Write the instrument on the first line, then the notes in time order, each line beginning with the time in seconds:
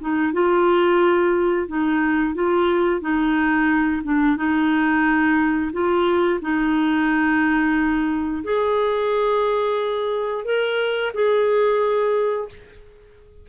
clarinet
0.00 D#4
0.32 F4
1.67 D#4
2.34 F4
3.01 D#4
4.03 D4
4.36 D#4
5.72 F4
6.41 D#4
8.43 G#4
10.44 A#4
11.13 G#4